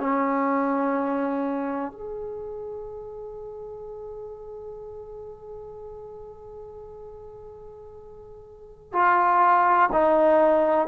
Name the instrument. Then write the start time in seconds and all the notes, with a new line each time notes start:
trombone
0.00 C#4
1.92 G#4
8.93 F4
9.93 D#4